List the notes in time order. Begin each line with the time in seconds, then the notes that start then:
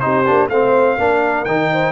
0.00 C4 D#4 G4 C5
0.26 A#3 D4
0.49 A3 C4 C5 F5
0.98 A#3 D4 A#4
1.45 D#3 D#4 G5
1.72 C5